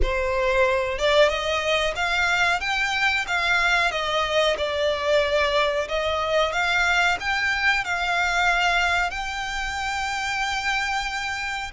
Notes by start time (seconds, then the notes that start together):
0.02 C5
0.98 D5
1.28 D#5
1.95 F5
2.60 G5
3.27 F5
3.91 D#5
4.57 D5
5.88 D#5
6.52 F5
7.20 G5
7.84 F5
9.10 G5